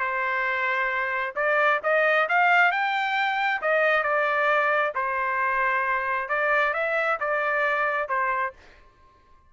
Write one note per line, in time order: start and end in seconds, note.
0.00 1.34 C5
1.36 1.81 D5
1.84 2.28 D#5
2.29 2.72 F5
2.72 3.62 G5
3.62 4.03 D#5
4.03 4.93 D5
4.95 6.29 C5
6.29 6.74 D5
6.74 7.19 E5
7.20 8.09 D5
8.09 8.53 C5